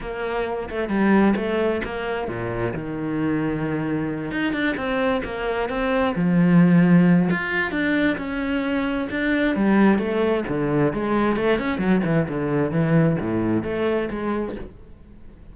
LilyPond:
\new Staff \with { instrumentName = "cello" } { \time 4/4 \tempo 4 = 132 ais4. a8 g4 a4 | ais4 ais,4 dis2~ | dis4. dis'8 d'8 c'4 ais8~ | ais8 c'4 f2~ f8 |
f'4 d'4 cis'2 | d'4 g4 a4 d4 | gis4 a8 cis'8 fis8 e8 d4 | e4 a,4 a4 gis4 | }